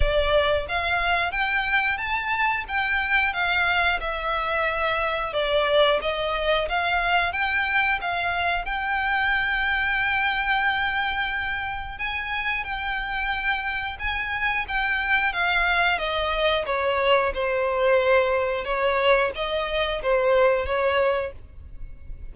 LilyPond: \new Staff \with { instrumentName = "violin" } { \time 4/4 \tempo 4 = 90 d''4 f''4 g''4 a''4 | g''4 f''4 e''2 | d''4 dis''4 f''4 g''4 | f''4 g''2.~ |
g''2 gis''4 g''4~ | g''4 gis''4 g''4 f''4 | dis''4 cis''4 c''2 | cis''4 dis''4 c''4 cis''4 | }